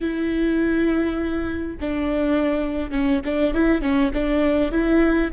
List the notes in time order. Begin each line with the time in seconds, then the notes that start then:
0.00 E4
1.80 D4
2.91 C#4
3.24 D4
3.54 E4
3.81 C#4
4.13 D4
4.71 E4